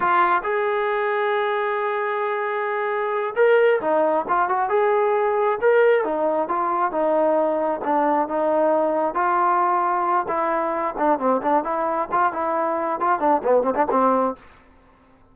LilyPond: \new Staff \with { instrumentName = "trombone" } { \time 4/4 \tempo 4 = 134 f'4 gis'2.~ | gis'2.~ gis'8 ais'8~ | ais'8 dis'4 f'8 fis'8 gis'4.~ | gis'8 ais'4 dis'4 f'4 dis'8~ |
dis'4. d'4 dis'4.~ | dis'8 f'2~ f'8 e'4~ | e'8 d'8 c'8 d'8 e'4 f'8 e'8~ | e'4 f'8 d'8 b8 c'16 d'16 c'4 | }